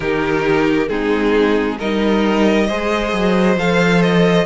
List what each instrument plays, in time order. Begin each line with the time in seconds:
0.00 cello D#3, viola D#4, violin G4 A#4
0.88 cello G#3, viola C4, violin D#4 G#4
1.78 cello G3, viola D#4, violin A#4 D#5
2.67 cello G#3, viola G#4, violin C5
3.12 cello F#3
3.57 cello F3, viola A4, violin F5
4.01 violin D#5